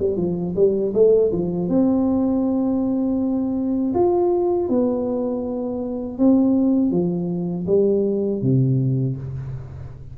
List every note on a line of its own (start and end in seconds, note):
0.00 0.17 G3
0.17 0.55 F3
0.56 0.93 G3
0.94 1.32 A3
1.32 1.69 F3
1.69 3.94 C4
3.95 4.69 F4
4.69 6.19 B3
6.19 6.91 C4
6.91 7.66 F3
7.67 8.42 G3
8.42 9.17 C3